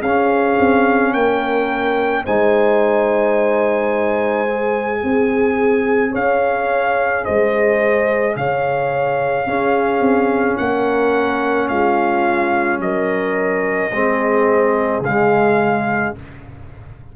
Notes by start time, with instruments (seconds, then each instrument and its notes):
0.00 tuba C#4, trombone C#4, horn G#4, trumpet F5
0.60 tuba C4
1.13 tuba A#3, horn A#4, trumpet G5
2.24 tuba G#3, trombone D#4, horn C5, trumpet G#5
4.47 trombone G#4
5.01 tuba C4, horn G#4
6.12 tuba C#4, horn C#5, trumpet F5
7.24 tuba G#3, horn C5, trumpet D#5
8.36 tuba C#3, horn C#5, trumpet F5
9.47 tuba C#4, trombone C#4, horn G#4
10.00 tuba C4
10.57 tuba A#3, horn A#4, trumpet F#5
11.68 tuba G#3, horn F4, trumpet F5
12.80 tuba F#3, horn A#4, trumpet D#5
13.92 tuba G#3, trombone C4, horn G#4
15.00 tuba C#3, trombone G#3, trumpet F5